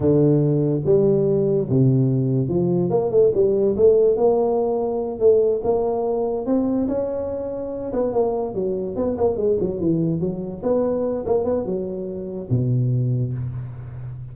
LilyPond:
\new Staff \with { instrumentName = "tuba" } { \time 4/4 \tempo 4 = 144 d2 g2 | c2 f4 ais8 a8 | g4 a4 ais2~ | ais8 a4 ais2 c'8~ |
c'8 cis'2~ cis'8 b8 ais8~ | ais8 fis4 b8 ais8 gis8 fis8 e8~ | e8 fis4 b4. ais8 b8 | fis2 b,2 | }